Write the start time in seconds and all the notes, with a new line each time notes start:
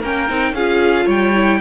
0.00 A#3 C#4 A#4 G5
0.29 C4 D#4
0.52 C#4 F4 G#4 F5
1.06 G3 C#5 G5
1.35 E4